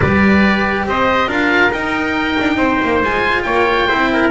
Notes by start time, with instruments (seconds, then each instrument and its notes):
0.00 double bass G3, cello G4, trumpet B4, oboe D5
0.86 double bass C4, trumpet C5, oboe D#5
1.27 double bass D4, cello F4, trumpet A#4, oboe F5
1.71 double bass D#4, cello D#4, oboe G5
2.40 double bass D4
2.56 double bass C4, trumpet C5
2.83 double bass A#3
3.02 double bass G#3, cello F4, oboe G#5
3.42 double bass A#3, trumpet C#5, oboe G5
3.87 double bass C4, cello E4, trumpet C5
4.12 trumpet A#4